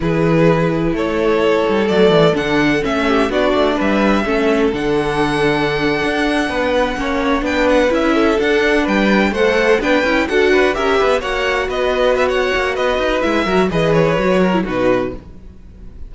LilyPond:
<<
  \new Staff \with { instrumentName = "violin" } { \time 4/4 \tempo 4 = 127 b'2 cis''2 | d''4 fis''4 e''4 d''4 | e''2 fis''2~ | fis''2.~ fis''8. g''16~ |
g''16 fis''8 e''4 fis''4 g''4 fis''16~ | fis''8. g''4 fis''4 e''4 fis''16~ | fis''8. dis''4 e''16 fis''4 dis''4 | e''4 dis''8 cis''4. b'4 | }
  \new Staff \with { instrumentName = "violin" } { \time 4/4 gis'2 a'2~ | a'2~ a'8 g'8 fis'4 | b'4 a'2.~ | a'4.~ a'16 b'4 cis''4 b'16~ |
b'4~ b'16 a'4. b'4 c''16~ | c''8. b'4 a'8 b'8 ais'8 b'8 cis''16~ | cis''8. b'4~ b'16 cis''4 b'4~ | b'8 ais'8 b'4. ais'8 fis'4 | }
  \new Staff \with { instrumentName = "viola" } { \time 4/4 e'1 | a4 d'4 cis'4 d'4~ | d'4 cis'4 d'2~ | d'2~ d'8. cis'4 d'16~ |
d'8. e'4 d'2 a'16~ | a'8. d'8 e'8 fis'4 g'4 fis'16~ | fis'1 | e'8 fis'8 gis'4 fis'8. e'16 dis'4 | }
  \new Staff \with { instrumentName = "cello" } { \time 4/4 e2 a4. g8 | fis8 e8 d4 a4 b8 a8 | g4 a4 d2~ | d8. d'4 b4 ais4 b16~ |
b8. cis'4 d'4 g4 a16~ | a8. b8 cis'8 d'4 cis'8 b8 ais16~ | ais8. b4.~ b16 ais8 b8 dis'8 | gis8 fis8 e4 fis4 b,4 | }
>>